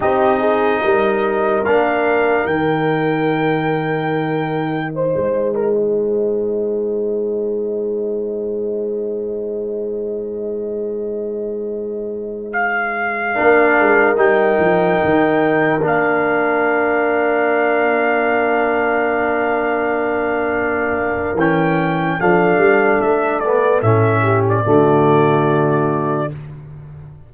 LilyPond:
<<
  \new Staff \with { instrumentName = "trumpet" } { \time 4/4 \tempo 4 = 73 dis''2 f''4 g''4~ | g''2 dis''2~ | dis''1~ | dis''2.~ dis''16 f''8.~ |
f''4~ f''16 g''2 f''8.~ | f''1~ | f''2 g''4 f''4 | e''8 d''8 e''8. d''2~ d''16 | }
  \new Staff \with { instrumentName = "horn" } { \time 4/4 g'8 gis'8 ais'2.~ | ais'2 c''8. ais'16 c''4~ | c''1~ | c''1~ |
c''16 ais'2.~ ais'8.~ | ais'1~ | ais'2. a'4~ | a'4. g'8 fis'2 | }
  \new Staff \with { instrumentName = "trombone" } { \time 4/4 dis'2 d'4 dis'4~ | dis'1~ | dis'1~ | dis'1~ |
dis'16 d'4 dis'2 d'8.~ | d'1~ | d'2 cis'4 d'4~ | d'8 b8 cis'4 a2 | }
  \new Staff \with { instrumentName = "tuba" } { \time 4/4 c'4 g4 ais4 dis4~ | dis2~ dis16 gis4.~ gis16~ | gis1~ | gis1~ |
gis16 ais8 gis8 g8 f8 dis4 ais8.~ | ais1~ | ais2 e4 f8 g8 | a4 a,4 d2 | }
>>